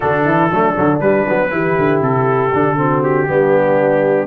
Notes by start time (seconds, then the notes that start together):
0.00 D3 D4 F#4 A4
0.25 E3 E4
0.50 F#3 A3 D4
0.75 D3 F#3
1.00 G3 B4
1.28 F#3 B3
1.50 E3 E4 G4
1.78 D3
2.01 C3 A4
2.53 D3 D4
2.76 C4 F#4
3.02 G4
3.27 G3 B3 D4